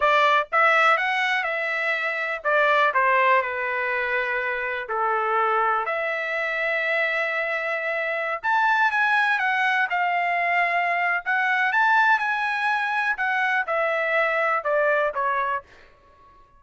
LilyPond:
\new Staff \with { instrumentName = "trumpet" } { \time 4/4 \tempo 4 = 123 d''4 e''4 fis''4 e''4~ | e''4 d''4 c''4 b'4~ | b'2 a'2 | e''1~ |
e''4~ e''16 a''4 gis''4 fis''8.~ | fis''16 f''2~ f''8. fis''4 | a''4 gis''2 fis''4 | e''2 d''4 cis''4 | }